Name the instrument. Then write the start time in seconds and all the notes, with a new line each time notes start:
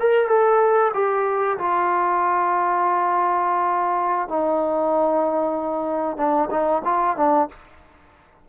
trombone
0.00 A#4
0.28 A4
0.94 G4
1.58 F4
4.29 D#4
6.17 D4
6.50 D#4
6.84 F4
7.17 D4